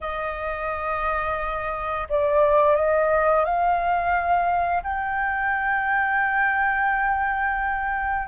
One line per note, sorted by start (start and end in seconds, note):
0.00 2.07 D#5
2.09 2.75 D5
2.75 3.44 D#5
3.45 4.82 F5
4.83 8.27 G5